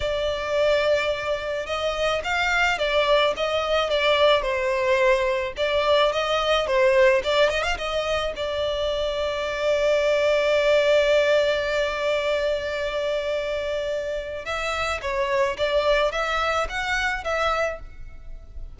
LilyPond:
\new Staff \with { instrumentName = "violin" } { \time 4/4 \tempo 4 = 108 d''2. dis''4 | f''4 d''4 dis''4 d''4 | c''2 d''4 dis''4 | c''4 d''8 dis''16 f''16 dis''4 d''4~ |
d''1~ | d''1~ | d''2 e''4 cis''4 | d''4 e''4 fis''4 e''4 | }